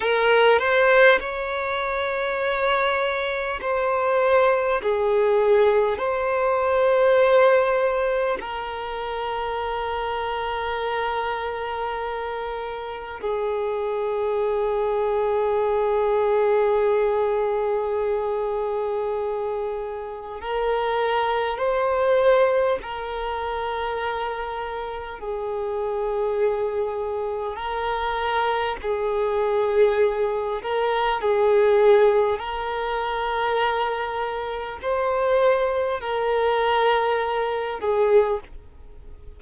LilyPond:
\new Staff \with { instrumentName = "violin" } { \time 4/4 \tempo 4 = 50 ais'8 c''8 cis''2 c''4 | gis'4 c''2 ais'4~ | ais'2. gis'4~ | gis'1~ |
gis'4 ais'4 c''4 ais'4~ | ais'4 gis'2 ais'4 | gis'4. ais'8 gis'4 ais'4~ | ais'4 c''4 ais'4. gis'8 | }